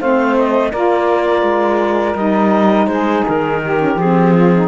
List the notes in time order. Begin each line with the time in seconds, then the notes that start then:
0.00 A3 C4 C5 F5
0.38 D#5
0.71 A#3 F4 A#4 D5
1.42 G#3
2.15 G3 D#4 D#5
2.87 G#3 G#4 C5
3.28 D#3 A#4
3.62 G4
3.78 C#4
3.96 F3 C4 G#4
4.34 F4
4.53 D#4